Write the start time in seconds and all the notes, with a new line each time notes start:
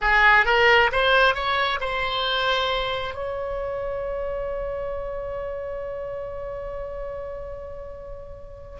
0.01 G#4
0.45 A#4
0.92 C5
1.34 C#5
1.80 C5
3.14 C#5